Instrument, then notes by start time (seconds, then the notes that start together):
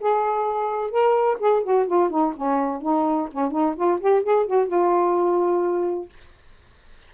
saxophone
0.00 G#4
0.91 A#4
1.40 G#4
1.64 F#4
1.87 F4
2.10 D#4
2.36 C#4
2.82 D#4
3.32 C#4
3.52 D#4
3.76 F4
4.01 G4
4.23 G#4
4.47 F#4
4.68 F4